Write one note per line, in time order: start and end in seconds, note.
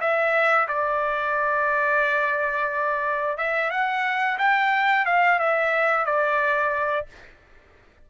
0.00 0.67 E5
0.68 3.37 D5
3.37 3.70 E5
3.70 4.38 F#5
4.38 5.05 G5
5.05 5.39 F5
5.39 6.05 E5
6.05 7.06 D5